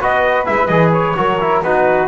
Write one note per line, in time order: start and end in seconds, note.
0.00 0.47 B3
0.00 0.46 F#4
0.00 1.17 B4
0.00 0.46 D#5
0.46 0.68 G#3
0.46 0.69 E4
0.46 0.67 E5
0.67 1.15 E3
0.67 1.16 G#4
0.67 0.91 D#5
0.93 1.63 C#5
1.16 1.62 F#3
1.16 1.39 F#4
1.16 1.63 A#4
1.41 1.64 E4
1.62 2.08 B3
1.62 2.08 D#4
1.62 2.08 F#4
1.62 2.08 B4